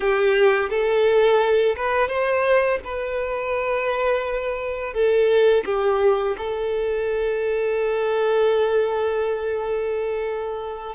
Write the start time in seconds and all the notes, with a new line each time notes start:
0.00 G4
0.69 A4
1.76 B4
2.08 C5
2.84 B4
4.93 A4
5.65 G4
6.37 A4